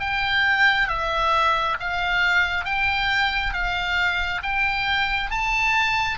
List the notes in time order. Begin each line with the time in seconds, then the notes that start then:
0.00 G5
0.88 E5
1.80 F5
2.65 G5
3.53 F5
4.42 G5
5.31 A5